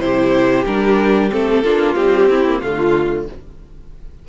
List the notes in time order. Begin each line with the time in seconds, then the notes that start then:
0.00 C3 E4 G4 C5
0.65 G3 D4 A#4
1.31 A3 C4 A4
1.64 A#3 D4 F4
1.95 G3 C4 G4
2.29 C4 E4
2.48 A#3
2.60 D3 A3 F4